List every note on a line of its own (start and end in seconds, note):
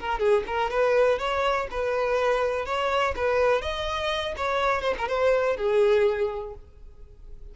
0.00 0.19 A#4
0.19 0.44 G#4
0.47 0.70 A#4
0.70 1.19 B4
1.19 1.67 C#5
1.71 2.65 B4
2.65 3.14 C#5
3.16 3.61 B4
3.61 4.35 D#5
4.37 4.82 C#5
4.82 4.94 C5
4.98 5.08 A#4
5.08 5.57 C5
5.57 6.54 G#4